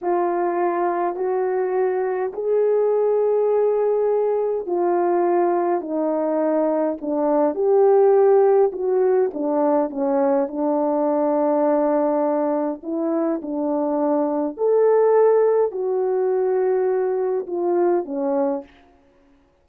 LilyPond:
\new Staff \with { instrumentName = "horn" } { \time 4/4 \tempo 4 = 103 f'2 fis'2 | gis'1 | f'2 dis'2 | d'4 g'2 fis'4 |
d'4 cis'4 d'2~ | d'2 e'4 d'4~ | d'4 a'2 fis'4~ | fis'2 f'4 cis'4 | }